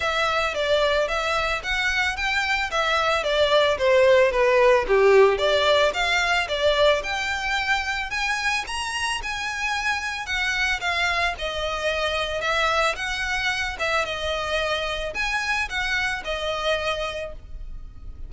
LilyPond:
\new Staff \with { instrumentName = "violin" } { \time 4/4 \tempo 4 = 111 e''4 d''4 e''4 fis''4 | g''4 e''4 d''4 c''4 | b'4 g'4 d''4 f''4 | d''4 g''2 gis''4 |
ais''4 gis''2 fis''4 | f''4 dis''2 e''4 | fis''4. e''8 dis''2 | gis''4 fis''4 dis''2 | }